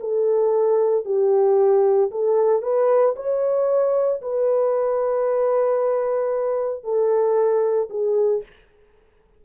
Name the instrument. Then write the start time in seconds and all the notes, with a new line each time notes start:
horn
0.00 A4
1.05 G4
2.11 A4
2.62 B4
3.15 C#5
4.21 B4
6.84 A4
7.89 G#4